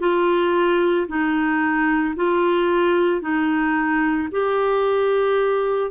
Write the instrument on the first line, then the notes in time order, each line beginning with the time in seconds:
clarinet
0.00 F4
1.08 D#4
2.16 F4
3.21 D#4
4.31 G4